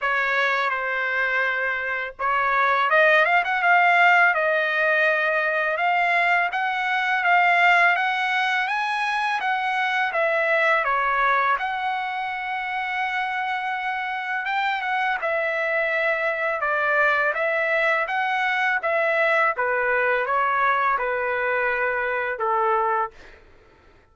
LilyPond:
\new Staff \with { instrumentName = "trumpet" } { \time 4/4 \tempo 4 = 83 cis''4 c''2 cis''4 | dis''8 f''16 fis''16 f''4 dis''2 | f''4 fis''4 f''4 fis''4 | gis''4 fis''4 e''4 cis''4 |
fis''1 | g''8 fis''8 e''2 d''4 | e''4 fis''4 e''4 b'4 | cis''4 b'2 a'4 | }